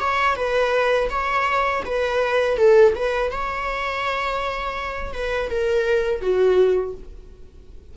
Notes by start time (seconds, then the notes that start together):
0.00 C#5
0.36 B4
1.09 C#5
1.85 B4
2.57 A4
2.95 B4
3.31 C#5
5.13 B4
5.50 A#4
6.21 F#4